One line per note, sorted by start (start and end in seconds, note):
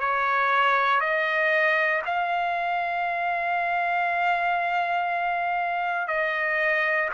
0.00 1.00 C#5
1.00 2.02 D#5
2.06 6.07 F5
6.07 7.09 D#5